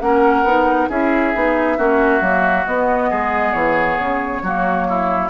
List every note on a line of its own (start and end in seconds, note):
0.00 0.43 A#3
0.00 0.45 C#4
0.00 0.89 A#4
0.00 0.88 F#5
0.43 0.87 B3
0.43 0.90 D#4
0.89 1.33 C#4
0.89 1.33 E4
0.89 1.77 G#4
0.89 2.66 E5
1.33 1.78 B3
1.33 1.77 D#4
1.77 2.20 A#3
1.77 2.21 C#4
1.77 3.10 F#4
2.20 2.64 F#3
2.20 2.65 A#3
2.66 3.11 B3
2.66 4.44 B3
2.66 3.52 D#5
3.10 3.53 G#3
3.10 4.42 G#4
3.52 3.97 E3
3.52 5.29 C#5
3.98 4.42 C#3
4.42 5.30 F#3
4.42 5.30 A#3
4.42 4.87 F#4
4.88 5.30 E4